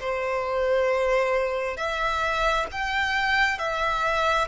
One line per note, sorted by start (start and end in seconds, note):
0.00 1.77 C5
1.77 2.66 E5
2.72 3.58 G5
3.58 4.48 E5